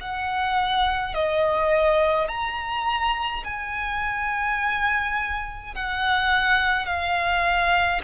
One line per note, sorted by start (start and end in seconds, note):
0.00 1.14 F#5
1.14 2.28 D#5
2.28 3.43 A#5
3.44 5.74 G#5
5.74 6.85 F#5
6.85 8.01 F5